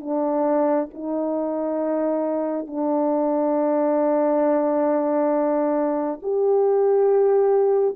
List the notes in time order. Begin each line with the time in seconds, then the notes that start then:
0.00 D4
0.93 D#4
2.66 D4
6.22 G4